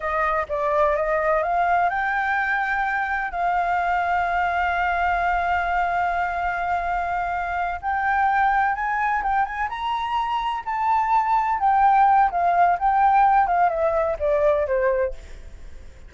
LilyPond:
\new Staff \with { instrumentName = "flute" } { \time 4/4 \tempo 4 = 127 dis''4 d''4 dis''4 f''4 | g''2. f''4~ | f''1~ | f''1~ |
f''8 g''2 gis''4 g''8 | gis''8 ais''2 a''4.~ | a''8 g''4. f''4 g''4~ | g''8 f''8 e''4 d''4 c''4 | }